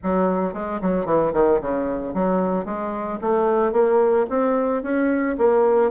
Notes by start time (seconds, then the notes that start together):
0.03 F#3
0.53 G#3
0.81 F#3
1.05 E3
1.33 D#3
1.61 C#3
2.14 F#3
2.65 G#3
3.21 A3
3.72 A#3
4.29 C4
4.82 C#4
5.38 A#3